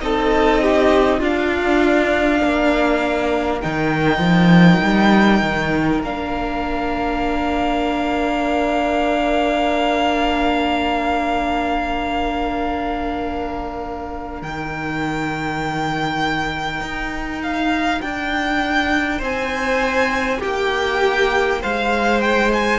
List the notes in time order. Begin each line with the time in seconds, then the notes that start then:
0.00 C4 D#4 A4 D#5
0.61 G4
1.18 D4 F4 F5
2.40 A#3 A#4
3.61 D#3 D#4 G5
4.18 F3
4.82 G3
5.41 D#3
6.01 A#3 D4 F5
14.41 D#3 D#4 G5
16.80 D#4
17.42 F5
18.01 D4 G5
19.18 C4 C5 G#5
20.39 A#3 G4 G5
21.61 G#3 C5 F5
22.21 G5
22.53 G#5